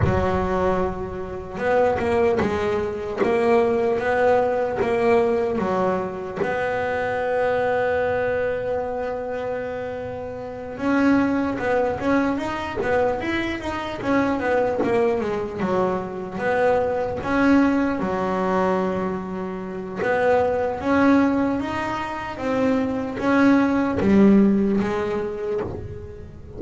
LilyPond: \new Staff \with { instrumentName = "double bass" } { \time 4/4 \tempo 4 = 75 fis2 b8 ais8 gis4 | ais4 b4 ais4 fis4 | b1~ | b4. cis'4 b8 cis'8 dis'8 |
b8 e'8 dis'8 cis'8 b8 ais8 gis8 fis8~ | fis8 b4 cis'4 fis4.~ | fis4 b4 cis'4 dis'4 | c'4 cis'4 g4 gis4 | }